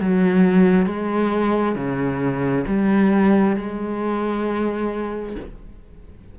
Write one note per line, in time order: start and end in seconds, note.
0.00 0.86 F#3
0.86 1.75 G#3
1.75 2.65 C#3
2.67 3.56 G3
3.56 5.35 G#3